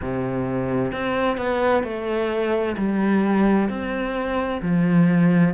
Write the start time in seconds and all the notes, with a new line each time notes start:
0.01 C3
0.92 C4
1.37 B3
1.83 A3
2.77 G3
3.69 C4
4.62 F3